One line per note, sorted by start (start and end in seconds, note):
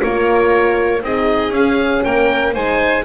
0.00 1.02 A#3
0.00 1.01 F4
0.00 1.03 A#4
0.00 1.03 C#5
1.02 1.50 C4
1.02 1.53 D#4
1.02 2.05 G#4
1.02 1.53 D#5
1.50 2.00 C#4
1.50 2.54 C#4
1.50 2.03 F5
2.03 2.56 A#3
2.03 2.53 A#4
2.03 2.54 G5
2.53 3.04 G#3
2.53 3.04 D#4
2.53 3.04 C5
2.53 3.04 G#5